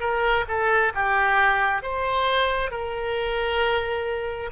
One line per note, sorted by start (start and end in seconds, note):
0.00 0.45 A#4
0.48 0.93 A4
0.94 1.82 G4
1.82 2.71 C5
2.71 4.50 A#4